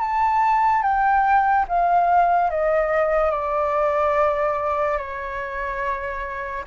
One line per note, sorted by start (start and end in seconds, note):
0.00 0.83 A5
0.83 1.66 G5
1.69 2.50 F5
2.50 3.31 D#5
3.31 4.98 D5
4.98 6.64 C#5